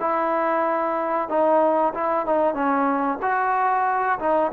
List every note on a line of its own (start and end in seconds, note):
0.00 1.28 E4
1.28 1.93 D#4
1.94 2.26 E4
2.26 2.54 D#4
2.54 3.18 C#4
3.22 4.19 F#4
4.19 4.51 D#4